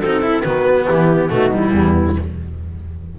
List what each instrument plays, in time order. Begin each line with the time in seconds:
0.00 double bass C4, cello D#4, horn F#4, clarinet A4
0.22 cello E4, horn E4
0.42 double bass D#3, cello B3, horn F#4, clarinet B4
0.87 double bass E3, horn E4, clarinet G4
1.30 double bass B2, cello A3, horn D#4, clarinet F#4
1.51 cello G3, clarinet E4
1.72 double bass E2, horn B3